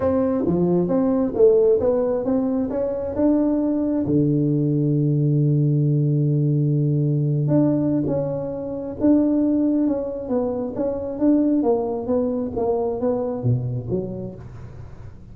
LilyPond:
\new Staff \with { instrumentName = "tuba" } { \time 4/4 \tempo 4 = 134 c'4 f4 c'4 a4 | b4 c'4 cis'4 d'4~ | d'4 d2.~ | d1~ |
d8. d'4~ d'16 cis'2 | d'2 cis'4 b4 | cis'4 d'4 ais4 b4 | ais4 b4 b,4 fis4 | }